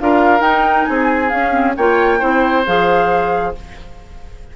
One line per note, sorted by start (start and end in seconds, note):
0.00 0.41 D4
0.00 0.39 F4
0.00 0.89 A#4
0.00 0.41 F5
0.39 1.28 D#4
0.39 0.85 D#4
0.39 0.84 G5
0.84 1.32 C4
0.84 1.76 G#4
0.84 1.29 G#5
1.29 1.77 C#4
1.29 1.51 C#4
1.29 1.74 F5
1.51 1.74 C4
1.76 2.22 A#3
1.76 2.19 F4
1.76 2.19 C#5
1.76 2.65 G5
2.19 2.66 C4
2.19 2.64 E4
2.19 3.52 C5
2.66 3.56 F3
2.66 3.55 G#4
2.66 3.55 F5